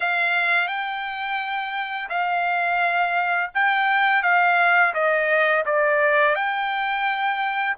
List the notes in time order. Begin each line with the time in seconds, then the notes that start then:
0.00 F5
0.67 G5
2.09 F5
3.54 G5
4.23 F5
4.93 D#5
5.65 D5
6.35 G5